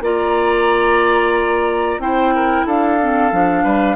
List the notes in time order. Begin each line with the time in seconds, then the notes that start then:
0.00 A#3 F4 D5 A#5
1.98 C4 E4 C5 G5
2.35 A#4
2.66 D4 A4 F5
3.00 C4
3.31 F3 D4
3.63 G3 B4